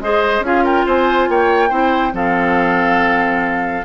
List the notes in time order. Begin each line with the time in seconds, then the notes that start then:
0.00 G#3 G#4 C5 D#5
0.39 C#4 F4 G#4 F5
0.64 A#4 G5
0.86 C4 C5 G#5
1.28 A#3 C#5 G5
1.69 C4 E4 C5
2.12 F3 C4 A4 F5